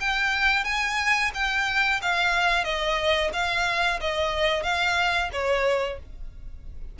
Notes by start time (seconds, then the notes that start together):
0.00 G5
0.64 G#5
1.34 G5
2.02 F5
2.64 D#5
3.33 F5
4.01 D#5
4.63 F5
5.32 C#5